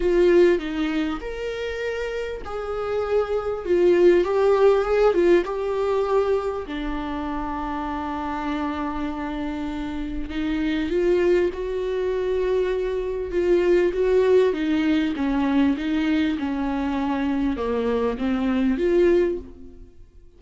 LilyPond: \new Staff \with { instrumentName = "viola" } { \time 4/4 \tempo 4 = 99 f'4 dis'4 ais'2 | gis'2 f'4 g'4 | gis'8 f'8 g'2 d'4~ | d'1~ |
d'4 dis'4 f'4 fis'4~ | fis'2 f'4 fis'4 | dis'4 cis'4 dis'4 cis'4~ | cis'4 ais4 c'4 f'4 | }